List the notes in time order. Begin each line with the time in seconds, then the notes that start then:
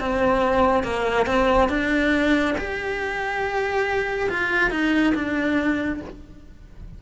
0.00 C4
0.84 A#3
1.26 C4
1.69 D4
2.58 G4
4.30 F4
4.71 D#4
5.15 D4